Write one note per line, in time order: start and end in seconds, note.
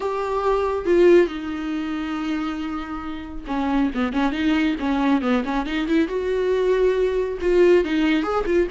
0.00 0.85 G4
0.85 1.27 F4
1.27 3.44 D#4
3.47 3.90 C#4
3.94 4.12 B3
4.12 4.32 C#4
4.32 4.75 D#4
4.79 5.21 C#4
5.21 5.43 B3
5.44 5.66 C#4
5.66 5.87 D#4
5.87 6.08 E4
6.08 7.38 F#4
7.41 7.84 F4
7.84 8.23 D#4
8.23 8.45 G#4
8.46 8.67 F4